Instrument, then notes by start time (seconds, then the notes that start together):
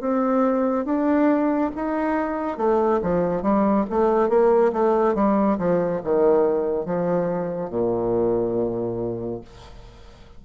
bassoon
0.00 C4
0.85 D4
1.75 D#4
2.57 A3
3.02 F3
3.42 G3
3.89 A3
4.29 A#3
4.73 A3
5.15 G3
5.58 F3
6.04 D#3
6.85 F3
7.69 A#2